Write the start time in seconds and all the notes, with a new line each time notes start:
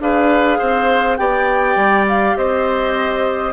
0.00 D4 G#4 B4 F5
0.58 C4 C5
1.17 B3 G4 D5 G5
1.76 G3
2.08 F5
2.36 C4 C5 D#5